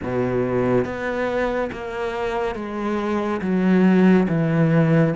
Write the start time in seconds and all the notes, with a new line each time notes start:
0.02 B2
0.84 B3
1.72 A#3
2.55 G#3
3.41 F#3
4.28 E3